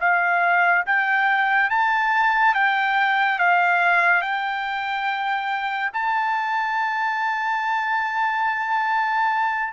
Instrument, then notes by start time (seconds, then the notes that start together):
trumpet
0.00 F5
0.86 G5
1.70 A5
2.55 G5
3.39 F5
4.21 G5
5.93 A5